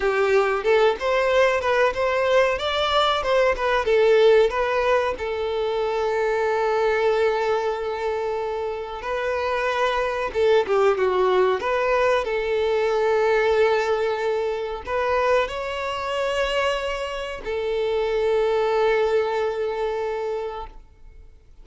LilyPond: \new Staff \with { instrumentName = "violin" } { \time 4/4 \tempo 4 = 93 g'4 a'8 c''4 b'8 c''4 | d''4 c''8 b'8 a'4 b'4 | a'1~ | a'2 b'2 |
a'8 g'8 fis'4 b'4 a'4~ | a'2. b'4 | cis''2. a'4~ | a'1 | }